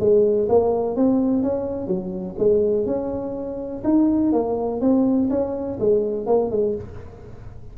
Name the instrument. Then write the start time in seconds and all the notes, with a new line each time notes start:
tuba
0.00 G#3
0.49 A#3
0.96 C4
1.43 C#4
1.87 F#3
2.38 G#3
2.86 C#4
3.84 D#4
4.33 A#3
4.81 C4
5.30 C#4
5.80 G#3
6.27 A#3
6.51 G#3